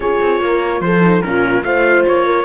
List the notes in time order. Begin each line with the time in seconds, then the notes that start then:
0.00 C#4 F4 G#4 C#5
0.20 C4
0.40 A#3 A#4
0.80 F3 A4 C5
1.01 D#4
1.22 A#2 C#4 F4 A#4
1.62 A3 F4 C5 F5
2.06 A#3 C#5
2.26 A#4